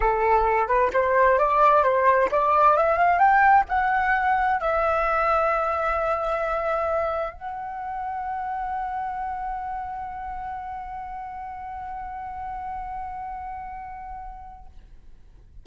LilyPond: \new Staff \with { instrumentName = "flute" } { \time 4/4 \tempo 4 = 131 a'4. b'8 c''4 d''4 | c''4 d''4 e''8 f''8 g''4 | fis''2 e''2~ | e''1 |
fis''1~ | fis''1~ | fis''1~ | fis''1 | }